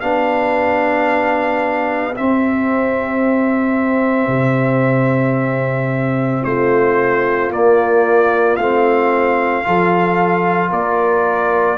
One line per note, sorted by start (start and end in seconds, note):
0.00 2.17 B3
0.00 2.15 D4
0.00 6.45 G4
0.00 2.14 F5
2.16 7.51 C4
2.16 4.27 C4
2.16 6.44 E5
4.27 6.41 C3
6.44 7.50 A3
6.44 9.66 F4
6.44 7.51 C5
7.50 8.57 A#3
7.50 8.59 A#3
7.50 8.56 D5
8.56 9.65 A3
8.56 9.64 C4
8.56 10.70 F5
9.64 10.71 F3
9.64 11.78 F4
9.64 10.70 A4
10.70 11.78 A#3
10.70 11.77 A#4
10.70 11.78 D5